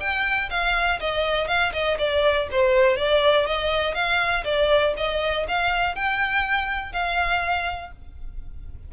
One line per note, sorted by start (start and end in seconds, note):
0.00 0.50 G5
0.50 1.00 F5
1.00 1.48 D#5
1.48 1.72 F5
1.73 1.98 D#5
1.99 2.48 D5
2.51 2.97 C5
2.97 3.47 D5
3.47 3.94 D#5
3.94 4.44 F5
4.45 4.94 D5
4.97 5.47 D#5
5.48 5.95 F5
5.95 6.93 G5
6.93 7.92 F5